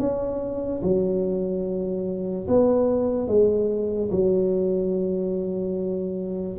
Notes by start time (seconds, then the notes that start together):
0.00 C#4
0.83 F#3
2.48 B3
3.28 G#3
4.12 F#3